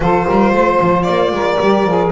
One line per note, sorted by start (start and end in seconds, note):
0.00 0.26 F3
0.00 1.56 F4
0.00 0.25 A4
0.00 1.02 C5
0.25 0.53 G3
0.25 0.52 A#4
0.53 0.79 A3
0.53 1.33 C5
0.80 1.07 F3
1.02 1.31 A#3
1.02 2.09 D5
1.31 1.57 G#3
1.31 2.12 A#4
1.60 1.85 G3
1.60 1.87 G4
1.85 2.11 F3
1.85 2.12 G#4